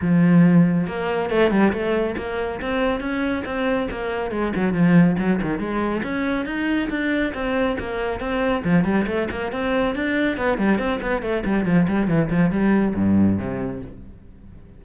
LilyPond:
\new Staff \with { instrumentName = "cello" } { \time 4/4 \tempo 4 = 139 f2 ais4 a8 g8 | a4 ais4 c'4 cis'4 | c'4 ais4 gis8 fis8 f4 | fis8 dis8 gis4 cis'4 dis'4 |
d'4 c'4 ais4 c'4 | f8 g8 a8 ais8 c'4 d'4 | b8 g8 c'8 b8 a8 g8 f8 g8 | e8 f8 g4 g,4 c4 | }